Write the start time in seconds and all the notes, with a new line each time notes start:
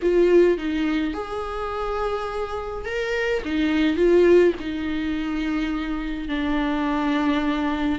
0.02 F4
0.57 D#4
1.13 G#4
2.85 A#4
3.44 D#4
3.96 F4
4.59 D#4
6.28 D4